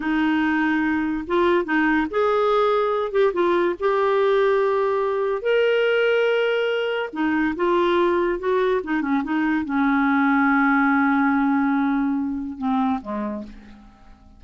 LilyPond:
\new Staff \with { instrumentName = "clarinet" } { \time 4/4 \tempo 4 = 143 dis'2. f'4 | dis'4 gis'2~ gis'8 g'8 | f'4 g'2.~ | g'4 ais'2.~ |
ais'4 dis'4 f'2 | fis'4 dis'8 cis'8 dis'4 cis'4~ | cis'1~ | cis'2 c'4 gis4 | }